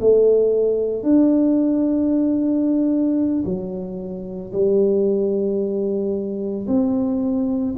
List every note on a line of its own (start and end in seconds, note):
0.00 1.03 A3
1.03 3.44 D4
3.45 4.52 F#3
4.52 6.67 G3
6.67 7.74 C4